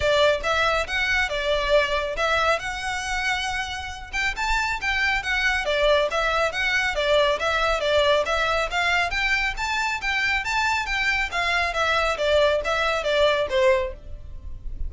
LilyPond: \new Staff \with { instrumentName = "violin" } { \time 4/4 \tempo 4 = 138 d''4 e''4 fis''4 d''4~ | d''4 e''4 fis''2~ | fis''4. g''8 a''4 g''4 | fis''4 d''4 e''4 fis''4 |
d''4 e''4 d''4 e''4 | f''4 g''4 a''4 g''4 | a''4 g''4 f''4 e''4 | d''4 e''4 d''4 c''4 | }